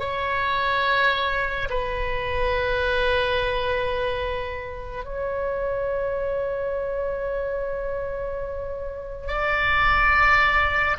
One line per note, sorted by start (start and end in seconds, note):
0.00 1.69 C#5
1.70 5.05 B4
5.05 9.28 C#5
9.28 10.97 D5